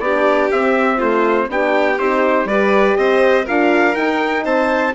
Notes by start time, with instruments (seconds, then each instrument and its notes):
0.00 bassoon B3, horn D4, violin G4, trumpet D5
0.52 bassoon C4, horn C4, trumpet E5
0.97 horn A3, violin F4, trumpet C5
1.49 bassoon B3, horn D4, violin G4, trumpet G5
1.99 bassoon C4, horn D#4, trumpet C5
2.45 bassoon G3, horn G4, violin B4, trumpet D5
2.97 bassoon C4, violin C5, trumpet D#5
3.45 bassoon D4, horn F4, violin A#4, trumpet F5
3.94 horn D#4, bassoon D#4, trumpet G5
4.44 bassoon C4, violin C5, trumpet A5